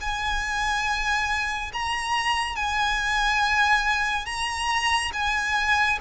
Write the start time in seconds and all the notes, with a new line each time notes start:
0.00 G#5
1.73 A#5
2.56 G#5
4.25 A#5
5.13 G#5